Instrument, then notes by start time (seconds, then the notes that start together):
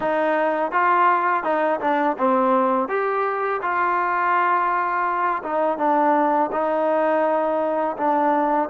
trombone
0.00 D#4
0.71 F4
1.43 D#4
1.80 D4
2.18 C4
2.88 G4
3.61 F4
5.42 D#4
5.78 D4
6.52 D#4
7.97 D4